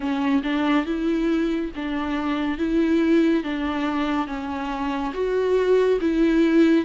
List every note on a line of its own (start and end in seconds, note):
0.00 0.42 C#4
0.43 0.85 D4
0.85 1.71 E4
1.75 2.58 D4
2.58 3.43 E4
3.43 4.27 D4
4.27 5.12 C#4
5.13 5.99 F#4
6.00 6.85 E4